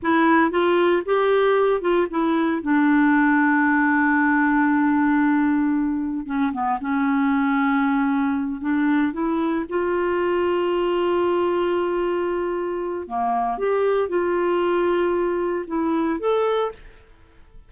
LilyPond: \new Staff \with { instrumentName = "clarinet" } { \time 4/4 \tempo 4 = 115 e'4 f'4 g'4. f'8 | e'4 d'2.~ | d'1 | cis'8 b8 cis'2.~ |
cis'8 d'4 e'4 f'4.~ | f'1~ | f'4 ais4 g'4 f'4~ | f'2 e'4 a'4 | }